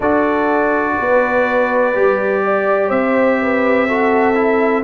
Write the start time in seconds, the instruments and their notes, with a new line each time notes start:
0.00 tuba D4, trombone F#4, horn A4, trumpet D5
1.00 tuba B3, horn B4
1.94 tuba G3, trombone G4
2.44 horn D5
2.88 tuba C4, horn C5, trumpet E5
3.41 horn B4
3.88 trombone F#4, horn A4
4.34 trombone E4